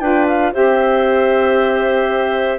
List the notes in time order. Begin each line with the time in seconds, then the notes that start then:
0.00 D4 F4 B4 G5
0.27 F5
0.53 C4 G4 C5 E5